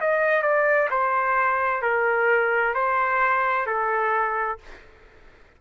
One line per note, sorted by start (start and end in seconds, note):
0.00 0.42 D#5
0.42 0.88 D5
0.90 1.82 C5
1.82 2.74 A#4
2.74 3.66 C5
3.66 4.58 A4